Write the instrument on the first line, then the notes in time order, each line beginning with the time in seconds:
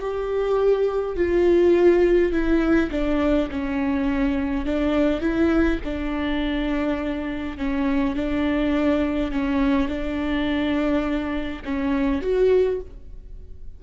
viola
0.00 G4
1.17 F4
2.32 E4
2.91 D4
3.51 C#4
4.66 D4
5.21 E4
5.84 D4
7.57 C#4
8.16 D4
9.32 C#4
9.88 D4
11.65 C#4
12.22 F#4